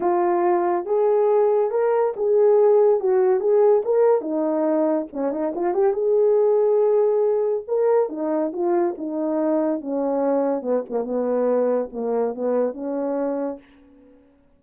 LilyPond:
\new Staff \with { instrumentName = "horn" } { \time 4/4 \tempo 4 = 141 f'2 gis'2 | ais'4 gis'2 fis'4 | gis'4 ais'4 dis'2 | cis'8 dis'8 f'8 g'8 gis'2~ |
gis'2 ais'4 dis'4 | f'4 dis'2 cis'4~ | cis'4 b8 ais8 b2 | ais4 b4 cis'2 | }